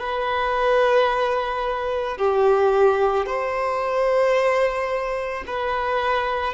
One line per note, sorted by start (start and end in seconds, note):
0.00 2.18 B4
2.18 3.26 G4
3.26 5.44 C5
5.47 6.54 B4